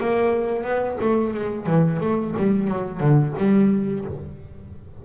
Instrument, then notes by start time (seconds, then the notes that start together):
double bass
0.00 A#3
0.64 B3
1.01 A3
1.34 G#3
1.67 E3
2.01 A3
2.37 G3
2.68 F#3
3.00 D3
3.38 G3